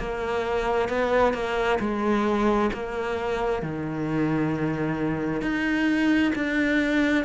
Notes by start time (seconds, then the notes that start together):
0.00 A#3
0.89 B3
1.34 A#3
1.80 G#3
2.74 A#3
3.63 D#3
5.42 D#4
6.36 D4